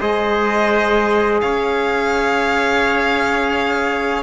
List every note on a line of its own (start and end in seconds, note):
0.00 1.42 G#3
0.00 4.22 G#4
0.00 1.41 C5
0.00 1.40 D#5
1.40 4.22 C#4
1.40 4.22 C#5
1.40 4.22 F5